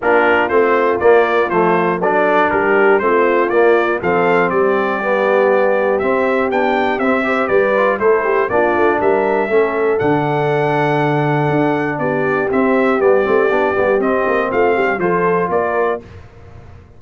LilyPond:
<<
  \new Staff \with { instrumentName = "trumpet" } { \time 4/4 \tempo 4 = 120 ais'4 c''4 d''4 c''4 | d''4 ais'4 c''4 d''4 | f''4 d''2. | e''4 g''4 e''4 d''4 |
c''4 d''4 e''2 | fis''1 | d''4 e''4 d''2 | dis''4 f''4 c''4 d''4 | }
  \new Staff \with { instrumentName = "horn" } { \time 4/4 f'1 | a'4 g'4 f'2 | a'4 g'2.~ | g'2~ g'8 c''8 b'4 |
a'8 g'8 f'4 ais'4 a'4~ | a'1 | g'1~ | g'4 f'8 g'8 a'4 ais'4 | }
  \new Staff \with { instrumentName = "trombone" } { \time 4/4 d'4 c'4 ais4 a4 | d'2 c'4 ais4 | c'2 b2 | c'4 d'4 c'8 g'4 f'8 |
e'4 d'2 cis'4 | d'1~ | d'4 c'4 b8 c'8 d'8 b8 | c'2 f'2 | }
  \new Staff \with { instrumentName = "tuba" } { \time 4/4 ais4 a4 ais4 f4 | fis4 g4 a4 ais4 | f4 g2. | c'4 b4 c'4 g4 |
a4 ais8 a8 g4 a4 | d2. d'4 | b4 c'4 g8 a8 b8 g8 | c'8 ais8 a8 g8 f4 ais4 | }
>>